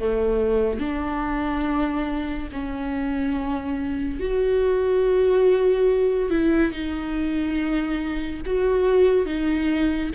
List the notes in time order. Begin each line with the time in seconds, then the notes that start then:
0.00 A3
0.80 D4
2.53 C#4
4.20 F#4
6.30 E4
6.73 D#4
8.46 F#4
9.26 D#4